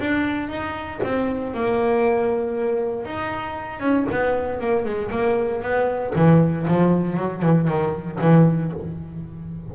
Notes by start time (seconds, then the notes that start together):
0.00 D4
0.49 D#4
1.04 C4
1.54 A#3
3.06 D#4
3.80 C#4
4.11 B3
4.61 A#3
4.85 G#3
5.11 A#3
5.62 B3
6.16 E3
6.68 F3
7.17 F#3
7.42 E3
7.68 D#3
8.21 E3